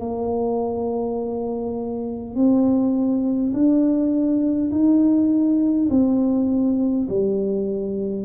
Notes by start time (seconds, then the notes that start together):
0.00 A#3
2.35 C4
3.54 D4
4.72 D#4
5.90 C4
7.09 G3